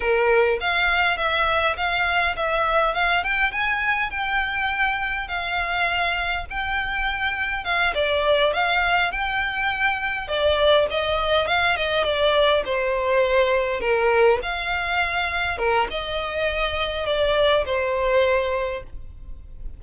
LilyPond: \new Staff \with { instrumentName = "violin" } { \time 4/4 \tempo 4 = 102 ais'4 f''4 e''4 f''4 | e''4 f''8 g''8 gis''4 g''4~ | g''4 f''2 g''4~ | g''4 f''8 d''4 f''4 g''8~ |
g''4. d''4 dis''4 f''8 | dis''8 d''4 c''2 ais'8~ | ais'8 f''2 ais'8 dis''4~ | dis''4 d''4 c''2 | }